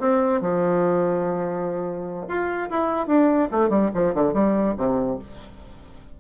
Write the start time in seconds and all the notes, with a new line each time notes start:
0.00 C4
0.41 F3
2.28 F4
2.70 E4
3.07 D4
3.52 A3
3.70 G3
3.94 F3
4.15 D3
4.34 G3
4.78 C3